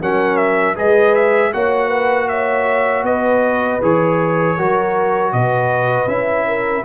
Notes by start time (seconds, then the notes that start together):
0.00 F#3 C#4 A#4 F#5
0.37 E5
0.75 G#3 G#4 B4 D#5
1.14 E5
1.53 A#3 F#4 C#5 F#5
1.88 B4
2.28 C#5 E5
3.03 B3 B4 D#5
3.82 E3 G#4 C#5
4.57 F#3 F#4 A#4
5.32 B2 B4 D#5
6.07 C#4 E4 E5
6.47 A#4